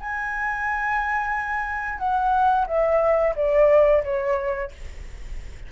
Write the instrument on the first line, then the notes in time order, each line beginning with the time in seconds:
flute
0.00 G#5
1.98 F#5
2.67 E5
3.36 D5
4.04 C#5